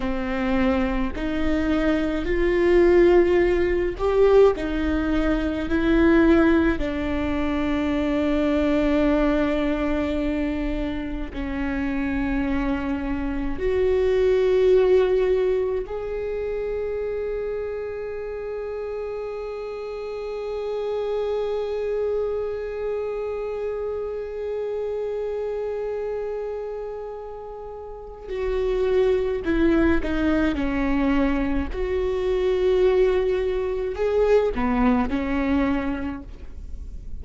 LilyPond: \new Staff \with { instrumentName = "viola" } { \time 4/4 \tempo 4 = 53 c'4 dis'4 f'4. g'8 | dis'4 e'4 d'2~ | d'2 cis'2 | fis'2 gis'2~ |
gis'1~ | gis'1~ | gis'4 fis'4 e'8 dis'8 cis'4 | fis'2 gis'8 b8 cis'4 | }